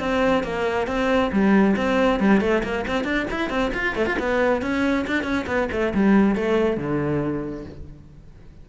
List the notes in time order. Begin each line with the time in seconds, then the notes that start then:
0.00 C4
0.44 A#3
0.87 C4
1.32 G3
1.77 C4
2.20 G3
2.41 A3
2.64 A#3
2.88 C4
3.05 D4
3.31 E4
3.50 C4
3.74 F4
3.96 A3
4.07 F4
4.19 B3
4.62 C#4
5.07 D4
5.24 C#4
5.47 B3
5.72 A3
5.94 G3
6.36 A3
6.77 D3